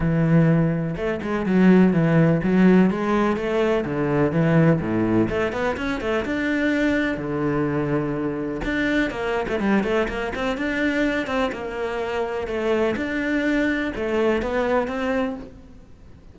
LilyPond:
\new Staff \with { instrumentName = "cello" } { \time 4/4 \tempo 4 = 125 e2 a8 gis8 fis4 | e4 fis4 gis4 a4 | d4 e4 a,4 a8 b8 | cis'8 a8 d'2 d4~ |
d2 d'4 ais8. a16 | g8 a8 ais8 c'8 d'4. c'8 | ais2 a4 d'4~ | d'4 a4 b4 c'4 | }